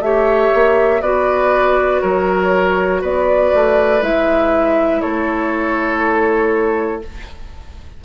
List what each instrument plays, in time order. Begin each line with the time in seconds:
0.00 bassoon A3, clarinet G4, oboe C#5, flute E5
0.54 bassoon A#3
1.01 bassoon B3, clarinet F#4, oboe B4, flute D5
2.01 bassoon F#3, oboe A#4, flute C#5
3.01 bassoon B3, oboe B4, flute D5
3.54 bassoon A3
4.02 bassoon G#3, clarinet E4, flute E5
5.01 bassoon A3, oboe A4, flute C#5